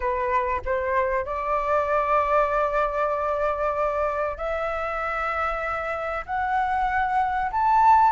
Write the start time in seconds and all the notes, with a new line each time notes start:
0.00 B4
0.65 C5
1.25 D5
4.37 E5
6.26 F#5
7.51 A5